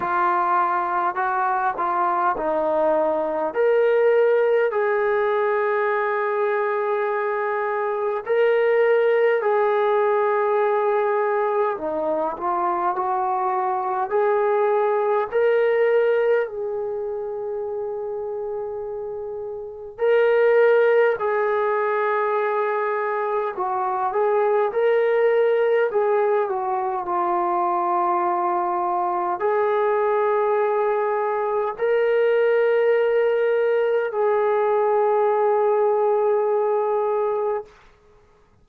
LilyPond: \new Staff \with { instrumentName = "trombone" } { \time 4/4 \tempo 4 = 51 f'4 fis'8 f'8 dis'4 ais'4 | gis'2. ais'4 | gis'2 dis'8 f'8 fis'4 | gis'4 ais'4 gis'2~ |
gis'4 ais'4 gis'2 | fis'8 gis'8 ais'4 gis'8 fis'8 f'4~ | f'4 gis'2 ais'4~ | ais'4 gis'2. | }